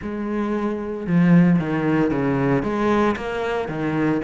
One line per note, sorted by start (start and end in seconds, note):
0.01 1.06 G#3
1.06 1.59 F3
1.59 2.10 D#3
2.10 2.62 C#3
2.62 3.15 G#3
3.16 3.68 A#3
3.68 4.21 D#3